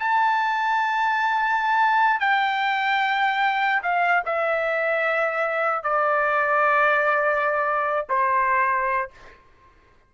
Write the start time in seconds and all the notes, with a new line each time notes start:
0.00 A5
2.20 G5
3.83 F5
4.26 E5
5.84 D5
8.10 C5